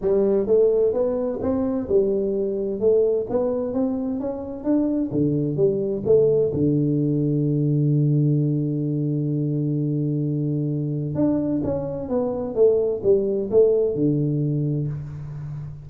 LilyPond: \new Staff \with { instrumentName = "tuba" } { \time 4/4 \tempo 4 = 129 g4 a4 b4 c'4 | g2 a4 b4 | c'4 cis'4 d'4 d4 | g4 a4 d2~ |
d1~ | d1 | d'4 cis'4 b4 a4 | g4 a4 d2 | }